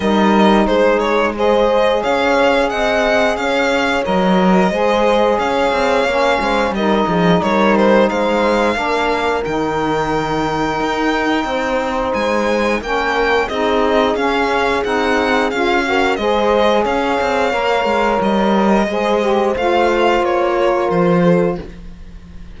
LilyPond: <<
  \new Staff \with { instrumentName = "violin" } { \time 4/4 \tempo 4 = 89 dis''4 c''8 cis''8 dis''4 f''4 | fis''4 f''4 dis''2 | f''2 dis''4 cis''8 c''8 | f''2 g''2~ |
g''2 gis''4 g''4 | dis''4 f''4 fis''4 f''4 | dis''4 f''2 dis''4~ | dis''4 f''4 cis''4 c''4 | }
  \new Staff \with { instrumentName = "horn" } { \time 4/4 ais'4 gis'4 c''4 cis''4 | dis''4 cis''2 c''4 | cis''4. c''8 ais'8 gis'8 ais'4 | c''4 ais'2.~ |
ais'4 c''2 ais'4 | gis'2.~ gis'8 ais'8 | c''4 cis''2. | c''2~ c''8 ais'4 a'8 | }
  \new Staff \with { instrumentName = "saxophone" } { \time 4/4 dis'2 gis'2~ | gis'2 ais'4 gis'4~ | gis'4 cis'4 dis'2~ | dis'4 d'4 dis'2~ |
dis'2. cis'4 | dis'4 cis'4 dis'4 f'8 fis'8 | gis'2 ais'2 | gis'8 g'8 f'2. | }
  \new Staff \with { instrumentName = "cello" } { \time 4/4 g4 gis2 cis'4 | c'4 cis'4 fis4 gis4 | cis'8 c'8 ais8 gis8 g8 f8 g4 | gis4 ais4 dis2 |
dis'4 c'4 gis4 ais4 | c'4 cis'4 c'4 cis'4 | gis4 cis'8 c'8 ais8 gis8 g4 | gis4 a4 ais4 f4 | }
>>